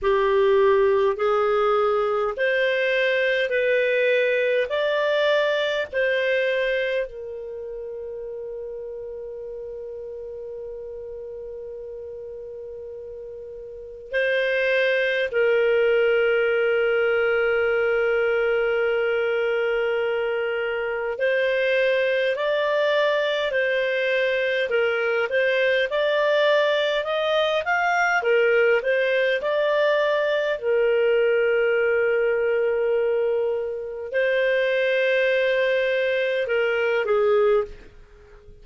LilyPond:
\new Staff \with { instrumentName = "clarinet" } { \time 4/4 \tempo 4 = 51 g'4 gis'4 c''4 b'4 | d''4 c''4 ais'2~ | ais'1 | c''4 ais'2.~ |
ais'2 c''4 d''4 | c''4 ais'8 c''8 d''4 dis''8 f''8 | ais'8 c''8 d''4 ais'2~ | ais'4 c''2 ais'8 gis'8 | }